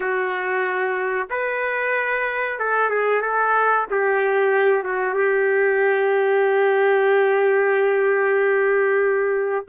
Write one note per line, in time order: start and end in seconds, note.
0.00 1.28 F#4
1.30 2.59 B4
2.59 2.90 A4
2.90 3.21 G#4
3.21 3.86 A4
3.90 4.83 G4
4.83 5.13 F#4
5.13 9.65 G4